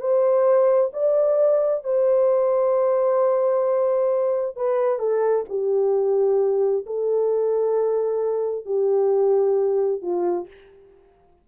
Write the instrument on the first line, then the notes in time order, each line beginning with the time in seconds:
horn
0.00 C5
0.93 D5
1.83 C5
4.56 B4
4.99 A4
5.49 G4
6.86 A4
8.65 G4
10.02 F4